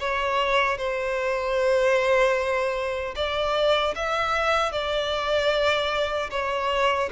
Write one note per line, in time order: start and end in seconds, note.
0.00 0.78 C#5
0.78 3.15 C5
3.16 3.95 D5
3.95 4.72 E5
4.72 6.30 D5
6.31 7.10 C#5